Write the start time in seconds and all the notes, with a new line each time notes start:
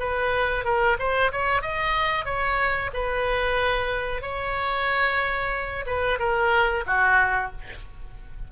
0.00 B4
0.65 A#4
0.99 C5
1.32 C#5
1.62 D#5
2.26 C#5
2.94 B4
4.22 C#5
5.87 B4
6.20 A#4
6.87 F#4